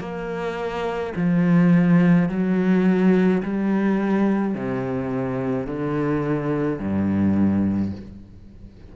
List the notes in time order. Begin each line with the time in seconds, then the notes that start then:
0.00 A#3
1.16 F3
2.29 F#3
3.43 G3
4.54 C3
5.67 D3
6.79 G2